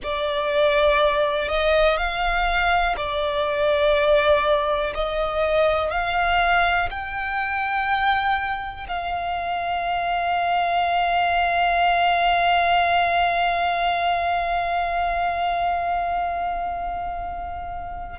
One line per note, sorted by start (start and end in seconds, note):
0.03 1.48 D5
1.48 1.97 D#5
1.97 2.95 F5
2.96 4.93 D5
4.94 5.91 D#5
5.91 6.89 F5
6.90 8.87 G5
8.87 18.19 F5